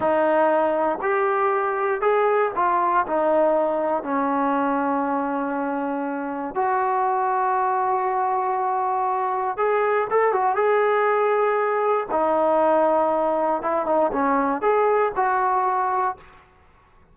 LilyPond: \new Staff \with { instrumentName = "trombone" } { \time 4/4 \tempo 4 = 119 dis'2 g'2 | gis'4 f'4 dis'2 | cis'1~ | cis'4 fis'2.~ |
fis'2. gis'4 | a'8 fis'8 gis'2. | dis'2. e'8 dis'8 | cis'4 gis'4 fis'2 | }